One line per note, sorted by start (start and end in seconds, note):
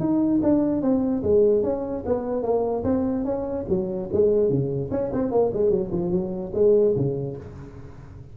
0.00 0.41 D#4
0.43 0.82 D4
0.82 1.23 C4
1.23 1.63 G#3
1.63 2.04 C#4
2.06 2.43 B3
2.43 2.83 A#3
2.84 3.25 C4
3.25 3.66 C#4
3.69 4.10 F#3
4.13 4.50 G#3
4.50 4.90 C#3
4.91 5.12 C#4
5.13 5.32 C4
5.32 5.52 A#3
5.54 5.71 G#3
5.71 5.91 F#3
5.92 6.12 F3
6.12 6.53 F#3
6.55 6.96 G#3
6.96 7.37 C#3